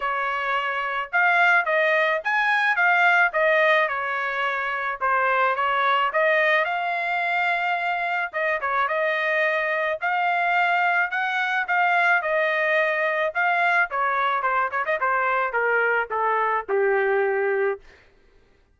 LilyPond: \new Staff \with { instrumentName = "trumpet" } { \time 4/4 \tempo 4 = 108 cis''2 f''4 dis''4 | gis''4 f''4 dis''4 cis''4~ | cis''4 c''4 cis''4 dis''4 | f''2. dis''8 cis''8 |
dis''2 f''2 | fis''4 f''4 dis''2 | f''4 cis''4 c''8 cis''16 dis''16 c''4 | ais'4 a'4 g'2 | }